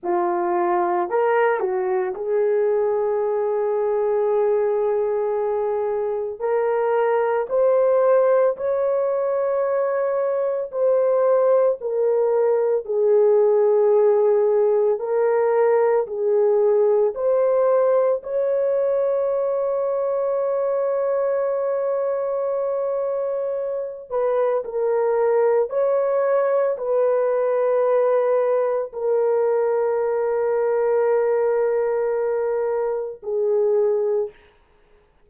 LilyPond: \new Staff \with { instrumentName = "horn" } { \time 4/4 \tempo 4 = 56 f'4 ais'8 fis'8 gis'2~ | gis'2 ais'4 c''4 | cis''2 c''4 ais'4 | gis'2 ais'4 gis'4 |
c''4 cis''2.~ | cis''2~ cis''8 b'8 ais'4 | cis''4 b'2 ais'4~ | ais'2. gis'4 | }